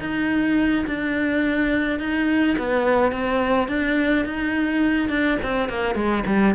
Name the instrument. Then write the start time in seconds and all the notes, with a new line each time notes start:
cello
0.00 D#4
0.87 D4
1.99 D#4
2.58 B3
3.12 C4
3.68 D4
4.26 D#4
5.09 D4
5.43 C4
5.69 A#3
5.95 G#3
6.26 G3